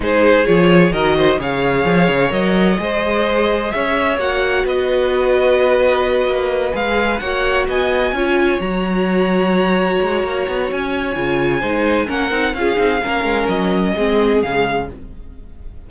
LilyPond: <<
  \new Staff \with { instrumentName = "violin" } { \time 4/4 \tempo 4 = 129 c''4 cis''4 dis''4 f''4~ | f''4 dis''2. | e''4 fis''4 dis''2~ | dis''2~ dis''8 f''4 fis''8~ |
fis''8 gis''2 ais''4.~ | ais''2. gis''4~ | gis''2 fis''4 f''4~ | f''4 dis''2 f''4 | }
  \new Staff \with { instrumentName = "violin" } { \time 4/4 gis'2 ais'8 c''8 cis''4~ | cis''2 c''2 | cis''2 b'2~ | b'2.~ b'8 cis''8~ |
cis''8 dis''4 cis''2~ cis''8~ | cis''1~ | cis''4 c''4 ais'4 gis'4 | ais'2 gis'2 | }
  \new Staff \with { instrumentName = "viola" } { \time 4/4 dis'4 f'4 fis'4 gis'4~ | gis'4 ais'4 gis'2~ | gis'4 fis'2.~ | fis'2~ fis'8 gis'4 fis'8~ |
fis'4. f'4 fis'4.~ | fis'1 | f'4 dis'4 cis'8 dis'8 f'8 dis'8 | cis'2 c'4 gis4 | }
  \new Staff \with { instrumentName = "cello" } { \time 4/4 gis4 f4 dis4 cis4 | f8 cis8 fis4 gis2 | cis'4 ais4 b2~ | b4. ais4 gis4 ais8~ |
ais8 b4 cis'4 fis4.~ | fis4. gis8 ais8 b8 cis'4 | cis4 gis4 ais8 c'8 cis'8 c'8 | ais8 gis8 fis4 gis4 cis4 | }
>>